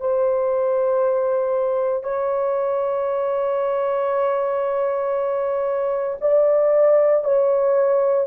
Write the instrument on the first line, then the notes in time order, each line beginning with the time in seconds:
horn
0.00 C5
2.03 C#5
6.21 D5
7.24 C#5